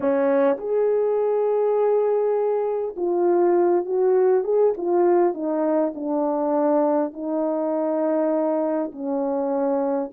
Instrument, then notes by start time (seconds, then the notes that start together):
horn
0.00 C#4
0.57 G#4
2.96 F4
3.85 F#4
4.44 G#4
4.77 F4
5.34 D#4
5.94 D4
7.13 D#4
8.92 C#4